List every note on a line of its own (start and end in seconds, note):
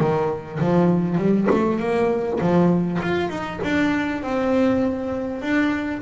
0.00 0.60 D#3
0.60 1.18 F3
1.18 1.48 G3
1.51 1.80 A3
1.80 2.40 A#3
2.41 3.01 F3
3.02 3.29 F4
3.29 3.59 D#4
3.64 4.23 D4
4.23 5.42 C4
5.42 6.02 D4